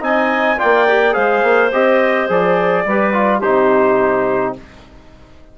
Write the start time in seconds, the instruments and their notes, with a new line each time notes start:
0.00 bassoon C4, trombone D#4, clarinet D#5, trumpet G#5
0.58 bassoon A#3, trombone F4, clarinet D5, trumpet G5
0.88 trombone G4
1.12 bassoon G#3, trombone G#4, clarinet C5, trumpet F5
1.43 bassoon A#3
1.72 bassoon C4, trombone G4, trumpet D#5
2.28 bassoon F3, trombone G#4, trumpet D5
2.85 bassoon G3, trombone G4, clarinet B4
3.13 trombone F4
3.39 bassoon C3, trombone D#4, clarinet G4, trumpet C5